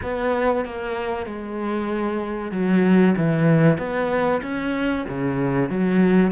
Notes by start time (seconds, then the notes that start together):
0.02 B3
0.65 A#3
1.26 G#3
2.51 F#3
3.17 E3
3.78 B3
4.42 C#4
5.08 C#3
5.69 F#3